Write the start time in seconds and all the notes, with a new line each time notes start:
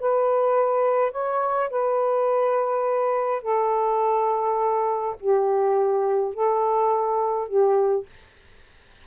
0.00 B4
1.11 C#5
1.70 B4
3.42 A4
5.20 G4
6.34 A4
7.48 G4